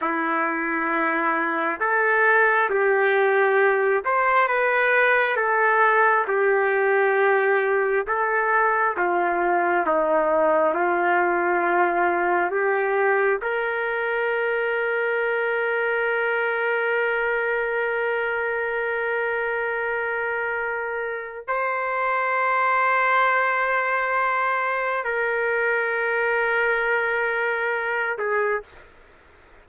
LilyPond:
\new Staff \with { instrumentName = "trumpet" } { \time 4/4 \tempo 4 = 67 e'2 a'4 g'4~ | g'8 c''8 b'4 a'4 g'4~ | g'4 a'4 f'4 dis'4 | f'2 g'4 ais'4~ |
ais'1~ | ais'1 | c''1 | ais'2.~ ais'8 gis'8 | }